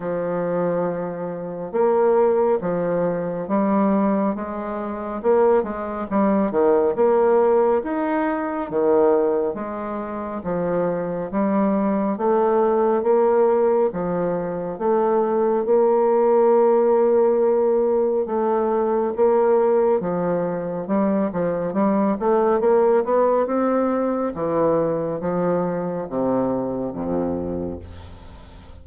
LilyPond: \new Staff \with { instrumentName = "bassoon" } { \time 4/4 \tempo 4 = 69 f2 ais4 f4 | g4 gis4 ais8 gis8 g8 dis8 | ais4 dis'4 dis4 gis4 | f4 g4 a4 ais4 |
f4 a4 ais2~ | ais4 a4 ais4 f4 | g8 f8 g8 a8 ais8 b8 c'4 | e4 f4 c4 f,4 | }